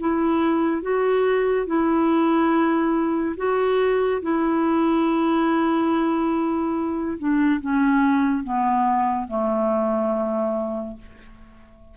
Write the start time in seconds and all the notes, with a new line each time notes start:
0.00 E4
0.83 F#4
1.67 E4
3.37 F#4
4.23 E4
7.19 D4
7.61 C#4
8.44 B3
9.28 A3